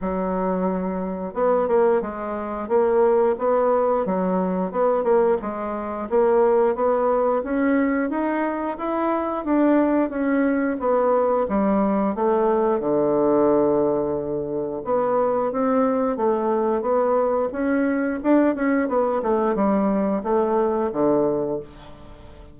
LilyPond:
\new Staff \with { instrumentName = "bassoon" } { \time 4/4 \tempo 4 = 89 fis2 b8 ais8 gis4 | ais4 b4 fis4 b8 ais8 | gis4 ais4 b4 cis'4 | dis'4 e'4 d'4 cis'4 |
b4 g4 a4 d4~ | d2 b4 c'4 | a4 b4 cis'4 d'8 cis'8 | b8 a8 g4 a4 d4 | }